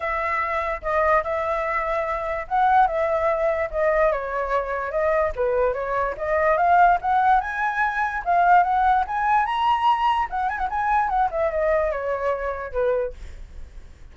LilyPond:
\new Staff \with { instrumentName = "flute" } { \time 4/4 \tempo 4 = 146 e''2 dis''4 e''4~ | e''2 fis''4 e''4~ | e''4 dis''4 cis''2 | dis''4 b'4 cis''4 dis''4 |
f''4 fis''4 gis''2 | f''4 fis''4 gis''4 ais''4~ | ais''4 fis''8 gis''16 fis''16 gis''4 fis''8 e''8 | dis''4 cis''2 b'4 | }